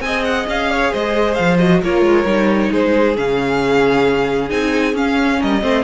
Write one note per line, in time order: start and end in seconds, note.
0.00 0.45 C4
0.00 1.60 G#4
0.00 0.71 D#5
0.00 0.23 G#5
0.24 0.46 F#5
0.47 0.91 C#4
0.47 0.93 F5
0.71 0.91 C#5
0.91 1.38 G#3
0.91 1.80 C5
0.91 1.34 D#5
1.34 1.82 F3
1.34 1.57 F5
1.58 1.82 F#4
1.58 1.80 D#5
1.82 2.01 A#3
1.82 2.25 F4
1.82 2.70 A#4
1.82 2.72 C#5
2.01 2.24 G#3
2.25 2.70 G3
2.25 3.15 D#4
2.70 3.16 G#3
2.70 5.39 G#4
2.70 3.17 C5
3.17 4.51 C#3
3.17 4.49 C#4
3.17 4.50 F5
4.49 4.94 C4
4.49 4.94 D#4
4.49 4.94 G#5
4.94 5.39 C#4
4.94 5.61 C#4
4.94 5.41 F5
5.39 5.63 G3
5.39 5.62 A#4
5.39 5.84 D#5
5.61 5.84 A3
5.61 5.83 C4
5.61 5.84 C5